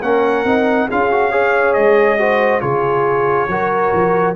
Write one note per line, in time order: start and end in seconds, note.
0.00 0.45 A#3
0.00 0.46 C#4
0.00 0.87 A#4
0.00 0.89 F#5
0.45 0.88 C4
0.45 0.90 D#4
0.88 1.77 C#4
0.88 1.12 F4
0.88 1.32 G#4
0.88 1.74 F5
1.12 1.32 F#4
1.32 2.19 G#4
1.32 2.19 C#5
1.74 2.63 G#3
1.74 2.61 D#5
2.19 2.61 F#4
2.19 2.62 C5
2.61 3.48 C#3
2.61 3.48 F4
2.61 3.49 G#4
2.61 4.35 C#5
3.48 3.92 F#3
3.48 4.36 F#4
3.48 4.36 A#4
3.94 4.36 F3